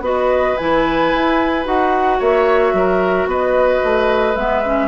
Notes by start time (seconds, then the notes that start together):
0.00 B3 F#4 B4 D#5
0.57 E3 E4 G#5
1.13 E4
1.64 D#4 F#4 F#5
2.18 A#3 C#5 E5
2.73 F#3 A#4
3.25 B3 B4 D#5
3.84 A3
4.35 G#3 B3 E5
4.64 C#4